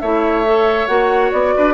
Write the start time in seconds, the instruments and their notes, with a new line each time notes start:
0.00 bassoon A3, clarinet E4, oboe C#5, flute E5
0.46 clarinet A4
0.87 bassoon A#3, clarinet F#4, flute F#5
1.32 bassoon B3, flute D5
1.57 bassoon D4, oboe B4